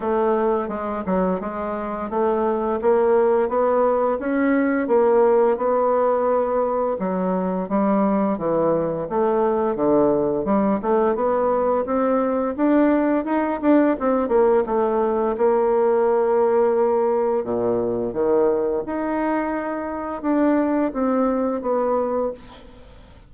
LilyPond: \new Staff \with { instrumentName = "bassoon" } { \time 4/4 \tempo 4 = 86 a4 gis8 fis8 gis4 a4 | ais4 b4 cis'4 ais4 | b2 fis4 g4 | e4 a4 d4 g8 a8 |
b4 c'4 d'4 dis'8 d'8 | c'8 ais8 a4 ais2~ | ais4 ais,4 dis4 dis'4~ | dis'4 d'4 c'4 b4 | }